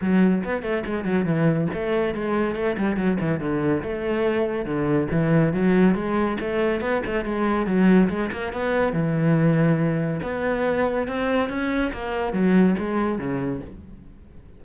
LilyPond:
\new Staff \with { instrumentName = "cello" } { \time 4/4 \tempo 4 = 141 fis4 b8 a8 gis8 fis8 e4 | a4 gis4 a8 g8 fis8 e8 | d4 a2 d4 | e4 fis4 gis4 a4 |
b8 a8 gis4 fis4 gis8 ais8 | b4 e2. | b2 c'4 cis'4 | ais4 fis4 gis4 cis4 | }